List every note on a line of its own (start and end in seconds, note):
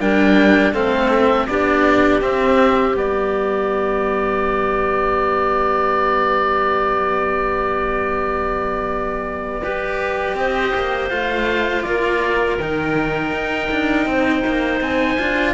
0.00 0.73 G3
0.00 0.74 D4
0.00 0.73 A#4
0.00 0.74 G5
0.73 1.47 A3
0.73 1.48 C4
0.73 1.47 A4
0.73 1.10 F5
1.10 1.47 E5
1.47 2.22 B3
1.47 2.21 D4
1.47 9.63 G4
1.47 2.21 D5
2.21 2.95 C4
2.21 2.96 E5
2.95 10.35 G3
2.95 9.62 B3
2.95 10.38 D5
9.63 11.10 G4
9.63 10.37 B4
10.35 10.72 C4
10.35 11.86 C5
10.35 11.09 D#5
10.74 11.11 A#3
11.09 11.85 A3
11.09 12.58 F4
11.09 11.83 F5
11.83 12.59 A#3
11.83 14.09 A#4
11.83 12.57 D5
12.58 13.31 D#3
12.58 15.18 D#4
12.58 14.80 G5
13.31 13.69 D#4
13.71 14.06 D4
14.06 14.43 C4
14.06 15.54 C5
14.47 14.81 A#3
14.81 15.18 C4
14.81 15.54 G#5
15.18 15.54 D4
15.18 15.54 F4